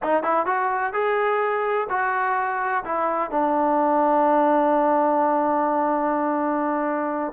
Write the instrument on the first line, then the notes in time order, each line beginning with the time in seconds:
trombone
0.02 D#4
0.23 E4
0.46 F#4
0.93 G#4
1.89 F#4
2.84 E4
3.30 D4